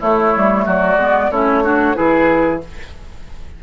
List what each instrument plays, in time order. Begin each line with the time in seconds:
0.00 clarinet A3, bassoon A3, oboe E4, flute C#5
0.37 bassoon G3
0.66 bassoon F#3, oboe F#4, flute D5
0.96 bassoon G#3, clarinet B3
1.31 bassoon A3, clarinet C#4, oboe E4, flute C#5
1.64 clarinet D4, oboe F#4
1.95 bassoon E3, clarinet E4, oboe G#4, flute B4